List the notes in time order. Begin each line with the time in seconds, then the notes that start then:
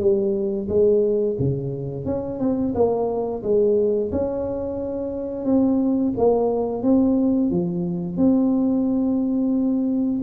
0.00 G3
0.69 G#3
1.39 C#3
2.06 C#4
2.40 C4
2.75 A#3
3.43 G#3
4.12 C#4
5.45 C4
6.18 A#3
6.83 C4
7.51 F3
8.18 C4